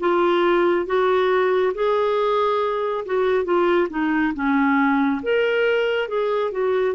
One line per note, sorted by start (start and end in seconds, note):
0.00 0.86 F4
0.86 1.73 F#4
1.74 3.05 G#4
3.06 3.45 F#4
3.45 3.88 F4
3.90 4.34 D#4
4.34 5.21 C#4
5.23 6.08 A#4
6.08 6.52 G#4
6.52 6.95 F#4